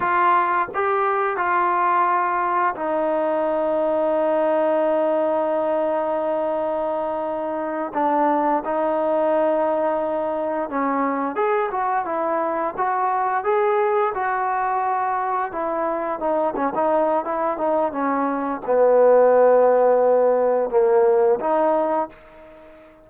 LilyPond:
\new Staff \with { instrumentName = "trombone" } { \time 4/4 \tempo 4 = 87 f'4 g'4 f'2 | dis'1~ | dis'2.~ dis'8 d'8~ | d'8 dis'2. cis'8~ |
cis'8 gis'8 fis'8 e'4 fis'4 gis'8~ | gis'8 fis'2 e'4 dis'8 | cis'16 dis'8. e'8 dis'8 cis'4 b4~ | b2 ais4 dis'4 | }